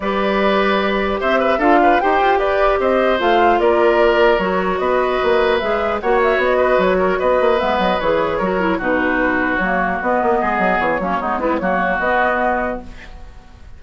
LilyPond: <<
  \new Staff \with { instrumentName = "flute" } { \time 4/4 \tempo 4 = 150 d''2. e''4 | f''4 g''4 d''4 dis''4 | f''4 d''2 cis''4 | dis''2 e''4 fis''8 e''8 |
dis''4 cis''4 dis''4 e''8 dis''8 | cis''2 b'2 | cis''4 dis''2 cis''4~ | cis''8 b'8 cis''4 dis''2 | }
  \new Staff \with { instrumentName = "oboe" } { \time 4/4 b'2. c''8 b'8 | a'8 b'8 c''4 b'4 c''4~ | c''4 ais'2. | b'2. cis''4~ |
cis''8 b'4 ais'8 b'2~ | b'4 ais'4 fis'2~ | fis'2 gis'4. cis'8 | dis'8 b8 fis'2. | }
  \new Staff \with { instrumentName = "clarinet" } { \time 4/4 g'1 | f'4 g'2. | f'2. fis'4~ | fis'2 gis'4 fis'4~ |
fis'2. b4 | gis'4 fis'8 e'8 dis'2 | ais4 b2~ b8 ais8 | b8 e'8 ais4 b2 | }
  \new Staff \with { instrumentName = "bassoon" } { \time 4/4 g2. c'4 | d'4 dis'8 f'8 g'4 c'4 | a4 ais2 fis4 | b4 ais4 gis4 ais4 |
b4 fis4 b8 ais8 gis8 fis8 | e4 fis4 b,2 | fis4 b8 ais8 gis8 fis8 e8 fis8 | gis4 fis4 b2 | }
>>